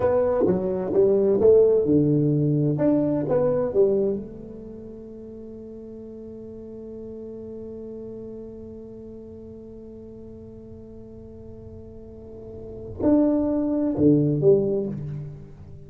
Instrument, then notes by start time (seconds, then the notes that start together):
tuba
0.00 B3
0.46 F#3
0.93 G3
1.40 A3
1.84 D3
2.78 D4
3.28 B3
3.73 G3
4.16 A3
13.02 D4
13.97 D3
14.41 G3